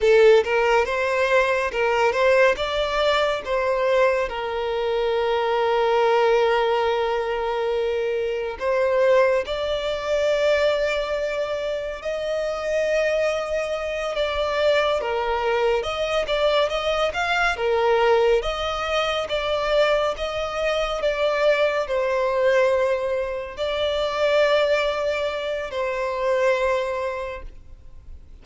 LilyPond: \new Staff \with { instrumentName = "violin" } { \time 4/4 \tempo 4 = 70 a'8 ais'8 c''4 ais'8 c''8 d''4 | c''4 ais'2.~ | ais'2 c''4 d''4~ | d''2 dis''2~ |
dis''8 d''4 ais'4 dis''8 d''8 dis''8 | f''8 ais'4 dis''4 d''4 dis''8~ | dis''8 d''4 c''2 d''8~ | d''2 c''2 | }